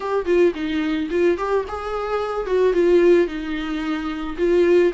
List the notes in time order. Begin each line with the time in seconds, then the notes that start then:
0.00 G4
0.25 F4
0.54 D#4
1.10 F4
1.37 G4
1.68 G#4
2.46 F#4
2.73 F4
3.27 D#4
4.37 F4